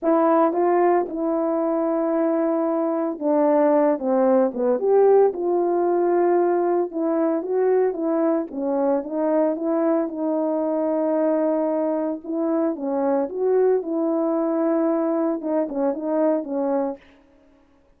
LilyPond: \new Staff \with { instrumentName = "horn" } { \time 4/4 \tempo 4 = 113 e'4 f'4 e'2~ | e'2 d'4. c'8~ | c'8 b8 g'4 f'2~ | f'4 e'4 fis'4 e'4 |
cis'4 dis'4 e'4 dis'4~ | dis'2. e'4 | cis'4 fis'4 e'2~ | e'4 dis'8 cis'8 dis'4 cis'4 | }